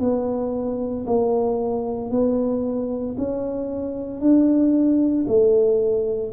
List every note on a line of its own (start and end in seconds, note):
0.00 1.05 B3
1.06 2.11 A#3
2.11 3.16 B3
3.18 4.20 C#4
4.20 5.25 D4
5.27 6.33 A3